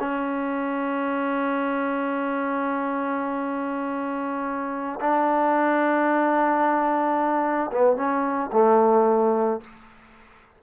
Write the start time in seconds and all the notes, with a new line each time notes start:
0.00 C#4
5.01 D4
7.72 B3
7.97 C#4
8.53 A3